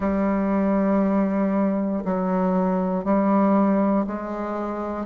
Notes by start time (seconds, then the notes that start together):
0.00 G3
2.04 F#3
3.04 G3
4.07 G#3